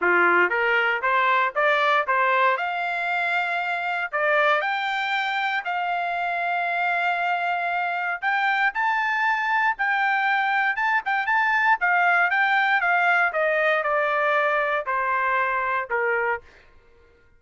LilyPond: \new Staff \with { instrumentName = "trumpet" } { \time 4/4 \tempo 4 = 117 f'4 ais'4 c''4 d''4 | c''4 f''2. | d''4 g''2 f''4~ | f''1 |
g''4 a''2 g''4~ | g''4 a''8 g''8 a''4 f''4 | g''4 f''4 dis''4 d''4~ | d''4 c''2 ais'4 | }